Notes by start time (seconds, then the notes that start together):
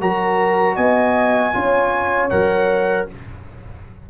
0.00 F#3 F#4 A#4 A#5
0.75 B3 D#5 G#5
1.53 C#4 F4 C#5
2.29 F#3 A#4 F#5